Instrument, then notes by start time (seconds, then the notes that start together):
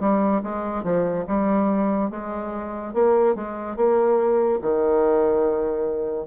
bassoon
0.00 G3
0.44 G#3
0.84 F3
1.27 G3
2.11 G#3
2.94 A#3
3.36 G#3
3.77 A#3
4.62 D#3